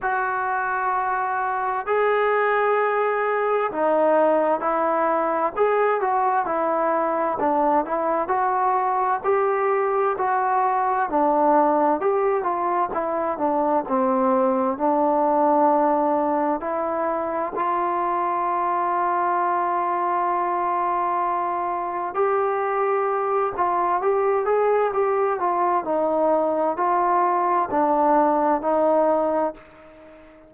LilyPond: \new Staff \with { instrumentName = "trombone" } { \time 4/4 \tempo 4 = 65 fis'2 gis'2 | dis'4 e'4 gis'8 fis'8 e'4 | d'8 e'8 fis'4 g'4 fis'4 | d'4 g'8 f'8 e'8 d'8 c'4 |
d'2 e'4 f'4~ | f'1 | g'4. f'8 g'8 gis'8 g'8 f'8 | dis'4 f'4 d'4 dis'4 | }